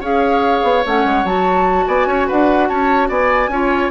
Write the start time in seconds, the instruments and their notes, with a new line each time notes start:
0.00 bassoon C#4, clarinet G#4, oboe C#5, flute F5
0.63 bassoon B3
0.85 bassoon A3, clarinet C#4, flute F#5
1.05 bassoon G#3
1.24 bassoon F#3, clarinet F#4, flute A5
1.87 bassoon B3, oboe D5, flute G#5
2.06 bassoon C#4, oboe C#5
2.27 bassoon D4, oboe B4, flute F#5
2.68 bassoon C#4, oboe C#5, flute A5
3.09 bassoon B3, oboe D5, flute G#5
3.48 bassoon C#4, clarinet F4, oboe C#5